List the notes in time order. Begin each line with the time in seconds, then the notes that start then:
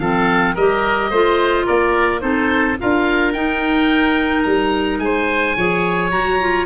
0.00 F3 C4 A4 F5
0.55 G3 G4 A#4 D#5
1.10 A3 F4 C5
1.66 A#3 A#4 D5
2.20 C4 D#4 A4 C5
2.80 D4 F4 A#4 F5
3.33 D#4 G5
4.43 G3 A#5
4.99 G#3 C5 G#5
5.57 F3 G#4 C#5
6.11 F#3 F#4 A#5
6.41 F4